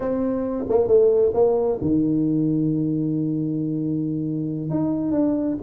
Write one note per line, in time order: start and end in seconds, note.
0.00 0.64 C4
0.69 0.87 A#3
0.87 1.32 A3
1.34 1.78 A#3
1.81 4.69 D#3
4.69 5.11 D#4
5.11 5.56 D4